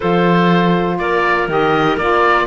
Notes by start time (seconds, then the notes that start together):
0.00 F3 F4 A4 C5
0.98 A#3 A#4 D5
1.47 D#3 G4 D#5
1.96 A#3 F4 D5